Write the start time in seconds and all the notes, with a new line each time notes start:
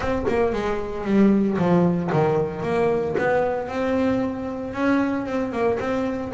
0.00 C4
0.28 A#3
0.53 G#3
1.04 G3
1.57 F3
2.12 D#3
2.62 A#3
3.18 B3
3.68 C4
4.73 C#4
5.26 C4
5.52 A#3
5.79 C4